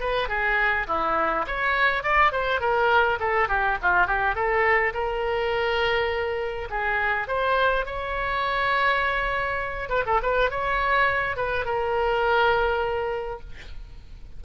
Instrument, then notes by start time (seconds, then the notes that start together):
oboe
0.00 B4
0.28 G#4
0.87 E4
1.47 C#5
2.03 D5
2.32 C5
2.60 A#4
3.19 A4
3.48 G4
3.82 F4
4.07 G4
4.35 A4
4.94 A#4
6.70 G#4
7.27 C5
7.86 C#5
9.89 B4
10.06 A4
10.22 B4
10.50 C#5
11.36 B4
11.65 A#4